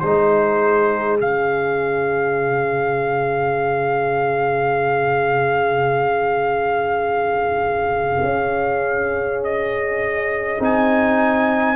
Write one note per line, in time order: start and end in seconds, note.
0.00 1.21 G#3
0.00 1.20 D#4
0.00 11.76 G#4
0.00 1.18 C5
1.20 8.23 C#3
1.20 10.60 C#4
1.20 9.44 F5
8.23 10.58 C#4
9.44 10.62 D#5
10.60 11.76 C4
10.60 11.76 D#4
10.60 11.76 G#5